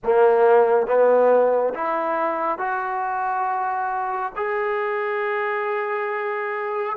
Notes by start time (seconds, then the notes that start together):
0.03 A#3
0.87 B3
1.74 E4
2.58 F#4
4.36 G#4